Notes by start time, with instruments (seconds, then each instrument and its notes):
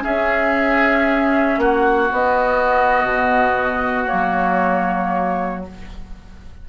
0.00 clarinet C#4, bassoon C#4, oboe G#4, flute E5
1.57 bassoon A#3, oboe F#4, flute F#5
2.12 bassoon B3, clarinet B3, flute D#5
3.03 bassoon B2
4.05 clarinet A#3, flute C#5
4.12 bassoon F#3